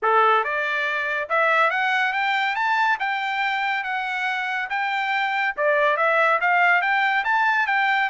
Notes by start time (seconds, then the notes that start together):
0.02 A4
0.44 D5
1.29 E5
1.70 F#5
2.13 G5
2.55 A5
2.99 G5
3.83 F#5
4.69 G5
5.56 D5
5.97 E5
6.40 F5
6.81 G5
7.24 A5
7.67 G5